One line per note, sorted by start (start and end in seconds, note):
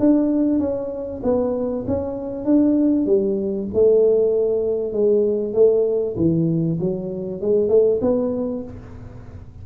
0.00 0.60 D4
0.60 1.22 C#4
1.24 1.86 B3
1.88 2.45 C#4
2.45 3.06 D4
3.06 3.68 G3
3.74 4.93 A3
4.93 5.54 G#3
5.54 6.16 A3
6.17 6.79 E3
6.80 7.42 F#3
7.42 7.69 G#3
7.69 8.00 A3
8.02 8.63 B3